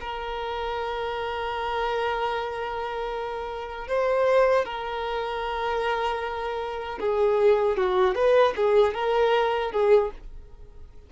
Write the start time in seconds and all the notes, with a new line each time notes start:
0.00 A#4
3.88 C5
4.65 A#4
7.00 G#4
7.77 F#4
8.15 B4
8.56 G#4
8.94 A#4
9.72 G#4